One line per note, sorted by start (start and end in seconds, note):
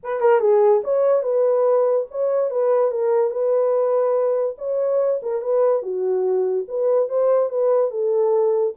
0.03 0.20 B4
0.20 0.40 A#4
0.40 0.81 G#4
0.84 1.23 C#5
1.23 2.06 B4
2.10 2.50 C#5
2.50 2.91 B4
2.91 3.30 A#4
3.30 4.55 B4
4.58 5.20 C#5
5.22 5.41 A#4
5.41 5.82 B4
5.82 6.65 F#4
6.68 7.08 B4
7.08 7.49 C5
7.49 7.91 B4
7.91 8.74 A4